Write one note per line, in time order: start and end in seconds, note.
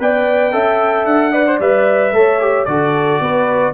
0.00 0.54 B3
0.00 0.52 B4
0.00 0.54 D5
0.00 1.06 G5
0.52 1.06 C#4
0.52 1.33 A4
0.52 1.32 E5
1.06 1.60 D4
1.06 1.60 F#5
1.32 1.46 B4
1.32 2.13 D5
1.48 1.61 C5
1.60 2.13 G3
1.60 2.15 B4
1.60 2.66 E5
2.13 2.66 A3
2.13 2.41 A4
2.13 2.70 C#5
2.41 2.67 G4
2.66 3.21 D3
2.66 3.74 F#4
2.66 3.23 A4
2.66 3.73 D5
3.21 3.74 B3
3.21 3.74 B4